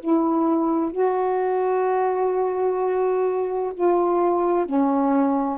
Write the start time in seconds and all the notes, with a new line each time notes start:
0.00 E4
0.92 F#4
3.74 F4
4.66 C#4